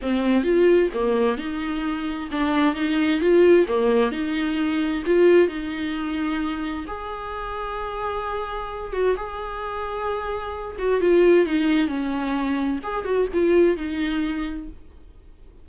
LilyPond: \new Staff \with { instrumentName = "viola" } { \time 4/4 \tempo 4 = 131 c'4 f'4 ais4 dis'4~ | dis'4 d'4 dis'4 f'4 | ais4 dis'2 f'4 | dis'2. gis'4~ |
gis'2.~ gis'8 fis'8 | gis'2.~ gis'8 fis'8 | f'4 dis'4 cis'2 | gis'8 fis'8 f'4 dis'2 | }